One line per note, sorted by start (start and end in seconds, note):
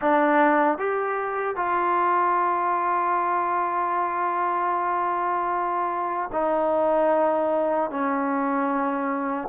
0.01 0.78 D4
0.78 1.56 G4
1.56 6.29 F4
6.32 7.90 D#4
7.90 9.48 C#4